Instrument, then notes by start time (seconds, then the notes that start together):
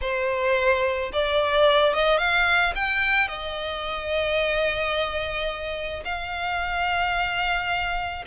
violin
0.01 C5
1.12 D5
1.93 D#5
2.18 F5
2.75 G5
3.28 D#5
6.04 F5